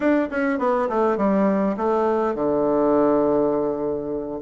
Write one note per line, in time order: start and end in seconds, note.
0.00 0.28 D4
0.30 0.59 C#4
0.59 0.88 B3
0.89 1.17 A3
1.17 1.76 G3
1.76 2.34 A3
2.34 4.40 D3